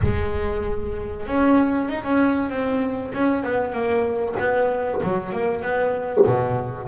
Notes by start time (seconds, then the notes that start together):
0.03 G#3
1.26 C#4
1.88 D#4
2.03 C#4
2.49 C4
3.14 C#4
3.43 B3
3.72 A#3
4.39 B3
5.03 F#3
5.32 A#3
5.62 B3
6.26 B2